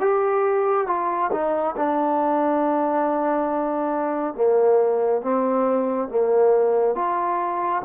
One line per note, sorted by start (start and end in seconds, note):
0.00 0.87 G4
0.87 1.31 F4
1.32 1.75 D#4
1.77 4.35 D4
4.35 5.22 A#3
5.22 6.09 C4
6.09 6.95 A#3
6.95 7.82 F4